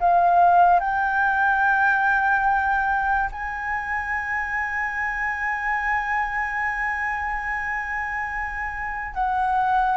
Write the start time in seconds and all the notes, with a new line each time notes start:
0.00 F5
0.80 G5
3.32 G#5
9.15 F#5